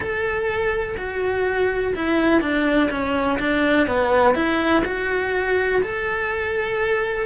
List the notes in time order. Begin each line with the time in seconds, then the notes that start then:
0.00 A4
0.97 F#4
1.95 E4
2.41 D4
2.90 C#4
3.39 D4
3.87 B3
4.34 E4
4.85 F#4
5.82 A4